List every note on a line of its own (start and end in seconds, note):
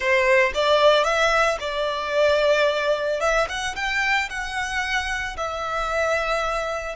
0.00 0.52 C5
0.54 1.03 D5
1.03 1.57 E5
1.60 3.20 D5
3.20 3.47 E5
3.48 3.75 F#5
3.75 4.29 G5
4.29 5.36 F#5
5.36 6.95 E5